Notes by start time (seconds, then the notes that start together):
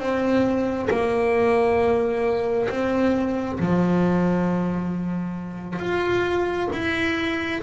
0.00 C4
0.90 A#3
2.70 C4
3.60 F3
5.80 F4
6.73 E4